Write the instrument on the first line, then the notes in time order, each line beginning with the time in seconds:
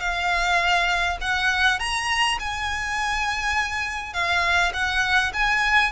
violin
0.00 F5
1.21 F#5
1.79 A#5
2.39 G#5
4.13 F5
4.73 F#5
5.33 G#5